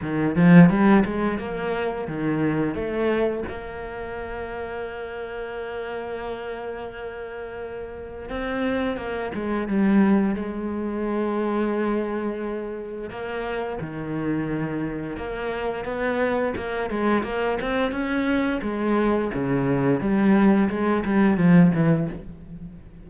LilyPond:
\new Staff \with { instrumentName = "cello" } { \time 4/4 \tempo 4 = 87 dis8 f8 g8 gis8 ais4 dis4 | a4 ais2.~ | ais1 | c'4 ais8 gis8 g4 gis4~ |
gis2. ais4 | dis2 ais4 b4 | ais8 gis8 ais8 c'8 cis'4 gis4 | cis4 g4 gis8 g8 f8 e8 | }